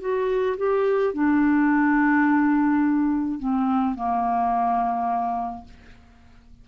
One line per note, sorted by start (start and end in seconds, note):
0.00 0.57 F#4
0.57 1.14 G4
1.14 3.39 D4
3.39 3.95 C4
3.95 5.64 A#3